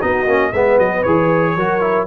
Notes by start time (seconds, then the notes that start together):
0.00 B3 D#4 F#4 D#5
0.26 A#3 C#4
0.52 G#3 B3 B4 E5
0.78 F#3 D#5
1.03 E3 G#4 C#5
1.56 F#3 F#4 A#4
1.81 E4